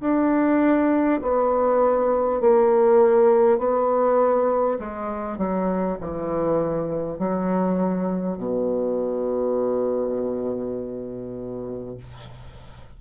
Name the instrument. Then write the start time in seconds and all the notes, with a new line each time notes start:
bassoon
0.00 D4
1.22 B3
2.41 A#3
3.58 B3
4.79 G#3
5.38 F#3
6.01 E3
7.19 F#3
8.37 B2